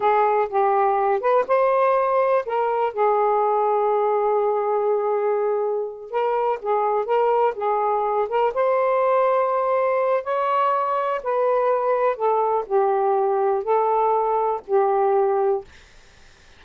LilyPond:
\new Staff \with { instrumentName = "saxophone" } { \time 4/4 \tempo 4 = 123 gis'4 g'4. b'8 c''4~ | c''4 ais'4 gis'2~ | gis'1~ | gis'8 ais'4 gis'4 ais'4 gis'8~ |
gis'4 ais'8 c''2~ c''8~ | c''4 cis''2 b'4~ | b'4 a'4 g'2 | a'2 g'2 | }